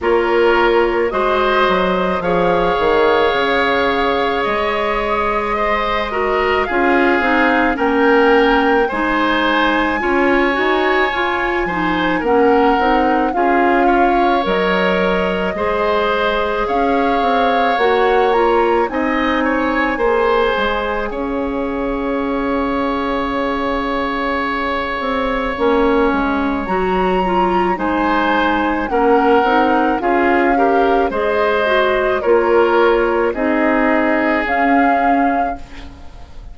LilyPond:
<<
  \new Staff \with { instrumentName = "flute" } { \time 4/4 \tempo 4 = 54 cis''4 dis''4 f''2 | dis''2 f''4 g''4 | gis''2. fis''4 | f''4 dis''2 f''4 |
fis''8 ais''8 gis''2 f''4~ | f''1 | ais''4 gis''4 fis''4 f''4 | dis''4 cis''4 dis''4 f''4 | }
  \new Staff \with { instrumentName = "oboe" } { \time 4/4 ais'4 c''4 cis''2~ | cis''4 c''8 ais'8 gis'4 ais'4 | c''4 cis''4. c''8 ais'4 | gis'8 cis''4. c''4 cis''4~ |
cis''4 dis''8 cis''8 c''4 cis''4~ | cis''1~ | cis''4 c''4 ais'4 gis'8 ais'8 | c''4 ais'4 gis'2 | }
  \new Staff \with { instrumentName = "clarinet" } { \time 4/4 f'4 fis'4 gis'2~ | gis'4. fis'8 f'8 dis'8 cis'4 | dis'4 f'8 fis'8 f'8 dis'8 cis'8 dis'8 | f'4 ais'4 gis'2 |
fis'8 f'8 dis'4 gis'2~ | gis'2. cis'4 | fis'8 f'8 dis'4 cis'8 dis'8 f'8 g'8 | gis'8 fis'8 f'4 dis'4 cis'4 | }
  \new Staff \with { instrumentName = "bassoon" } { \time 4/4 ais4 gis8 fis8 f8 dis8 cis4 | gis2 cis'8 c'8 ais4 | gis4 cis'8 dis'8 f'8 f8 ais8 c'8 | cis'4 fis4 gis4 cis'8 c'8 |
ais4 c'4 ais8 gis8 cis'4~ | cis'2~ cis'8 c'8 ais8 gis8 | fis4 gis4 ais8 c'8 cis'4 | gis4 ais4 c'4 cis'4 | }
>>